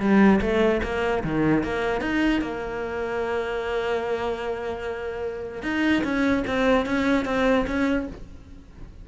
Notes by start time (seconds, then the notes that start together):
0.00 G3
0.41 A3
0.83 A#3
1.24 D#3
1.64 A#3
2.01 D#4
2.42 A#3
5.63 D#4
6.04 C#4
6.47 C4
6.86 C#4
7.25 C4
7.67 C#4